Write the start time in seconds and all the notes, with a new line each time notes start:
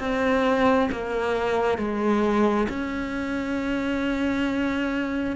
0.00 C4
0.92 A#3
1.78 G#3
2.69 C#4